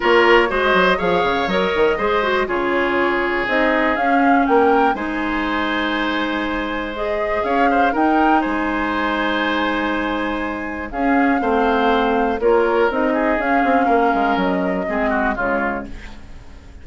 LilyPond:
<<
  \new Staff \with { instrumentName = "flute" } { \time 4/4 \tempo 4 = 121 cis''4 dis''4 f''4 dis''4~ | dis''4 cis''2 dis''4 | f''4 g''4 gis''2~ | gis''2 dis''4 f''4 |
g''4 gis''2.~ | gis''2 f''2~ | f''4 cis''4 dis''4 f''4~ | f''4 dis''2 cis''4 | }
  \new Staff \with { instrumentName = "oboe" } { \time 4/4 ais'4 c''4 cis''2 | c''4 gis'2.~ | gis'4 ais'4 c''2~ | c''2. cis''8 c''8 |
ais'4 c''2.~ | c''2 gis'4 c''4~ | c''4 ais'4. gis'4. | ais'2 gis'8 fis'8 f'4 | }
  \new Staff \with { instrumentName = "clarinet" } { \time 4/4 f'4 fis'4 gis'4 ais'4 | gis'8 fis'8 f'2 dis'4 | cis'2 dis'2~ | dis'2 gis'2 |
dis'1~ | dis'2 cis'4 c'4~ | c'4 f'4 dis'4 cis'4~ | cis'2 c'4 gis4 | }
  \new Staff \with { instrumentName = "bassoon" } { \time 4/4 ais4 gis8 fis8 f8 cis8 fis8 dis8 | gis4 cis2 c'4 | cis'4 ais4 gis2~ | gis2. cis'4 |
dis'4 gis2.~ | gis2 cis'4 a4~ | a4 ais4 c'4 cis'8 c'8 | ais8 gis8 fis4 gis4 cis4 | }
>>